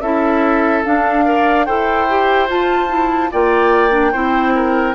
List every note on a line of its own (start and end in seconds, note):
0.00 0.82 C#4
0.00 0.84 E4
0.00 1.25 A4
0.00 0.83 E5
0.84 1.24 D4
0.84 1.68 D4
0.84 1.65 F5
1.24 1.65 A#4
1.24 1.66 D5
1.65 2.49 E4
1.65 2.07 A4
1.65 3.30 C5
1.65 2.47 G5
2.09 2.48 G4
2.48 2.89 F4
2.48 3.31 F4
2.48 3.32 A5
2.89 3.30 E4
3.31 4.13 A#3
3.31 3.90 F4
3.31 4.12 D5
3.31 4.94 G5
3.90 4.11 D4
4.12 4.94 C4
4.12 4.94 E4
4.12 4.53 C5
4.54 4.94 A#4